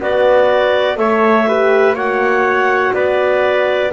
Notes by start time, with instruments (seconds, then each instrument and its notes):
0.00 double bass B3, trumpet F#4, horn B4, clarinet D5
0.97 double bass A3, horn A4, trumpet C#5, clarinet E5
1.48 horn G4, trumpet B4
1.93 double bass A#3, horn F#4, trumpet C#5, clarinet F#5
2.93 double bass B3, trumpet B4, clarinet D5